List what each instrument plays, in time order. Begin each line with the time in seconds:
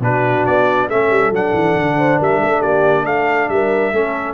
0.00 tuba B2, trombone D4, horn F#4, trumpet B4
0.46 tuba B3, trumpet D5
0.89 tuba A3, trombone C#4, horn A4, trumpet E5
1.11 tuba G3
1.31 tuba F#3, trombone D4, trumpet F#5
1.54 tuba E3
1.76 tuba D3
1.98 horn C5
2.19 tuba G3, horn A#4, trumpet E5
2.41 tuba A3, horn A4
2.61 tuba A#3, horn G4, trumpet D5
3.06 tuba A3, horn A4, trumpet F5
3.49 tuba G3, horn A#4, trumpet E5
3.93 tuba A3, trombone C#4, horn A4